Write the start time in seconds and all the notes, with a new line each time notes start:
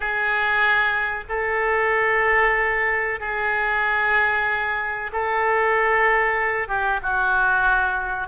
0.00 G#4
1.28 A4
3.19 G#4
5.12 A4
6.68 G4
7.02 F#4